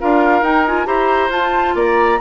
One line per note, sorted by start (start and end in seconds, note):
0.00 0.42 D4
0.00 0.43 F4
0.00 0.87 A#4
0.00 0.44 F5
0.42 0.86 D#4
0.42 0.65 D#4
0.42 0.66 G5
0.67 0.86 F4
0.67 0.87 G#5
0.86 1.30 E4
0.86 1.30 G4
0.86 1.76 C5
0.86 1.31 A#5
1.30 1.74 F4
1.30 2.19 F4
1.30 1.76 A5
1.75 2.19 A#3
1.75 2.20 D5
1.75 2.21 A#5